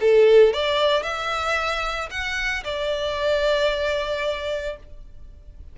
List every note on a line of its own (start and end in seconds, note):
0.00 0.53 A4
0.53 1.03 D5
1.03 2.09 E5
2.10 2.63 F#5
2.64 4.76 D5